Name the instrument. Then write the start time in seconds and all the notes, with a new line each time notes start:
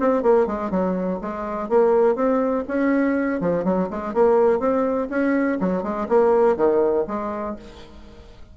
bassoon
0.00 C4
0.23 A#3
0.47 G#3
0.71 F#3
1.22 G#3
1.69 A#3
2.16 C4
2.68 C#4
3.41 F3
3.65 F#3
3.90 G#3
4.14 A#3
4.60 C4
5.10 C#4
5.61 F#3
5.83 G#3
6.09 A#3
6.57 D#3
7.08 G#3